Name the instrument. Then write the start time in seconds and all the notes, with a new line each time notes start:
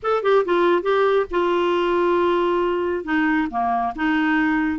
clarinet
0.02 A4
0.23 G4
0.45 F4
0.82 G4
1.30 F4
3.04 D#4
3.50 A#3
3.95 D#4